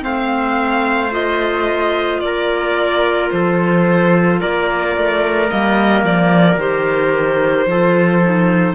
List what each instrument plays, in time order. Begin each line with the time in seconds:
0.00 cello A3, clarinet C4, trumpet C5, violin F5
1.10 clarinet F4, violin D#5
2.20 cello A#3, trumpet A#4, violin D5
3.30 cello F3, trumpet A4, violin C5
4.40 cello A#3, trumpet A#4, violin D5
4.96 cello A3
5.48 cello G3, clarinet A#3, violin D#5
6.03 cello F3, violin D5
6.56 cello D#3, clarinet G4, violin C5
7.66 cello F3, clarinet F4, trumpet A4
8.22 clarinet D#4